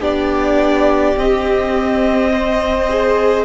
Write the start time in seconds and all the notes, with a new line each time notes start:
0.00 B3 D4 G4 D5
1.17 C4 D#5
2.33 C5
2.90 G#4